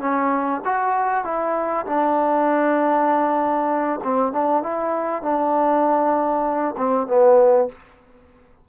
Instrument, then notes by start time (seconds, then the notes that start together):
trombone
0.00 C#4
0.65 F#4
1.25 E4
1.86 D4
4.04 C4
4.32 D4
4.63 E4
5.23 D4
6.78 C4
7.07 B3